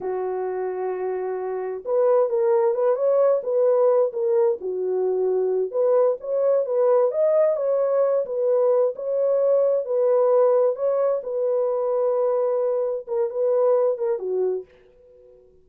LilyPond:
\new Staff \with { instrumentName = "horn" } { \time 4/4 \tempo 4 = 131 fis'1 | b'4 ais'4 b'8 cis''4 b'8~ | b'4 ais'4 fis'2~ | fis'8 b'4 cis''4 b'4 dis''8~ |
dis''8 cis''4. b'4. cis''8~ | cis''4. b'2 cis''8~ | cis''8 b'2.~ b'8~ | b'8 ais'8 b'4. ais'8 fis'4 | }